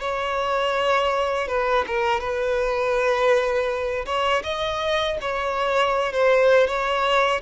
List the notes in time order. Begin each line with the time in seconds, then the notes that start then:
0.00 C#5
1.48 B4
1.87 A#4
2.20 B4
4.05 C#5
4.43 D#5
5.21 C#5
6.12 C5
6.67 C#5